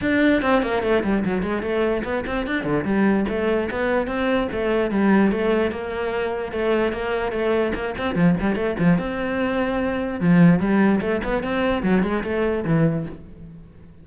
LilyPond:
\new Staff \with { instrumentName = "cello" } { \time 4/4 \tempo 4 = 147 d'4 c'8 ais8 a8 g8 fis8 gis8 | a4 b8 c'8 d'8 d8 g4 | a4 b4 c'4 a4 | g4 a4 ais2 |
a4 ais4 a4 ais8 c'8 | f8 g8 a8 f8 c'2~ | c'4 f4 g4 a8 b8 | c'4 fis8 gis8 a4 e4 | }